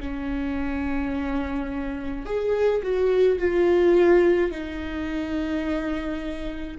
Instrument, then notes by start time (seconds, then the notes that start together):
viola
0.00 C#4
2.26 G#4
2.83 F#4
3.39 F4
4.51 D#4